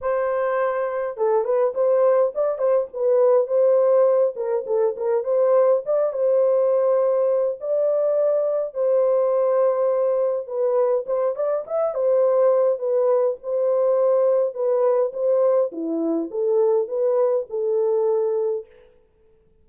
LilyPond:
\new Staff \with { instrumentName = "horn" } { \time 4/4 \tempo 4 = 103 c''2 a'8 b'8 c''4 | d''8 c''8 b'4 c''4. ais'8 | a'8 ais'8 c''4 d''8 c''4.~ | c''4 d''2 c''4~ |
c''2 b'4 c''8 d''8 | e''8 c''4. b'4 c''4~ | c''4 b'4 c''4 e'4 | a'4 b'4 a'2 | }